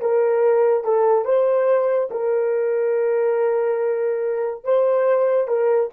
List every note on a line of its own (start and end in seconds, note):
0.00 0.84 A#4
0.84 1.24 A4
1.24 2.09 C5
2.10 4.64 A#4
4.64 5.47 C5
5.47 5.90 A#4